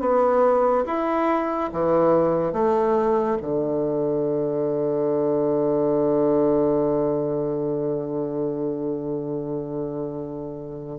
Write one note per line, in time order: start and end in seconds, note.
0.00 0.85 B3
0.86 1.71 E4
1.73 2.53 E3
2.53 3.38 A3
3.42 10.99 D3